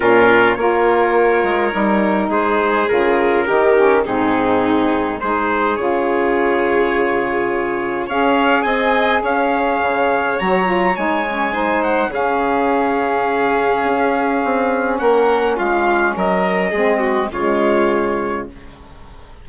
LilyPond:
<<
  \new Staff \with { instrumentName = "trumpet" } { \time 4/4 \tempo 4 = 104 ais'4 cis''2. | c''4 ais'2 gis'4~ | gis'4 c''4 cis''2~ | cis''2 f''4 gis''4 |
f''2 ais''4 gis''4~ | gis''8 fis''8 f''2.~ | f''2 fis''4 f''4 | dis''2 cis''2 | }
  \new Staff \with { instrumentName = "violin" } { \time 4/4 f'4 ais'2. | gis'2 g'4 dis'4~ | dis'4 gis'2.~ | gis'2 cis''4 dis''4 |
cis''1 | c''4 gis'2.~ | gis'2 ais'4 f'4 | ais'4 gis'8 fis'8 f'2 | }
  \new Staff \with { instrumentName = "saxophone" } { \time 4/4 cis'4 f'2 dis'4~ | dis'4 f'4 dis'8 cis'8 c'4~ | c'4 dis'4 f'2~ | f'2 gis'2~ |
gis'2 fis'8 f'8 dis'8 cis'8 | dis'4 cis'2.~ | cis'1~ | cis'4 c'4 gis2 | }
  \new Staff \with { instrumentName = "bassoon" } { \time 4/4 ais,4 ais4. gis8 g4 | gis4 cis4 dis4 gis,4~ | gis,4 gis4 cis2~ | cis2 cis'4 c'4 |
cis'4 cis4 fis4 gis4~ | gis4 cis2. | cis'4 c'4 ais4 gis4 | fis4 gis4 cis2 | }
>>